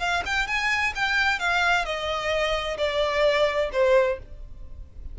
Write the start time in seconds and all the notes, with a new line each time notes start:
0.00 F5
0.26 G5
0.47 G#5
0.95 G5
1.40 F5
1.85 D#5
2.78 D5
3.73 C5